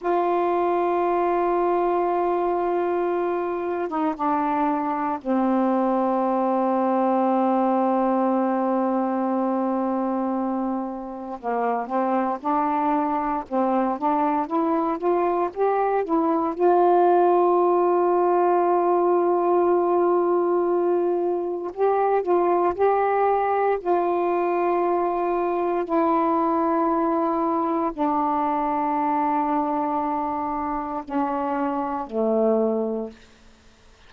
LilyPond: \new Staff \with { instrumentName = "saxophone" } { \time 4/4 \tempo 4 = 58 f'2.~ f'8. dis'16 | d'4 c'2.~ | c'2. ais8 c'8 | d'4 c'8 d'8 e'8 f'8 g'8 e'8 |
f'1~ | f'4 g'8 f'8 g'4 f'4~ | f'4 e'2 d'4~ | d'2 cis'4 a4 | }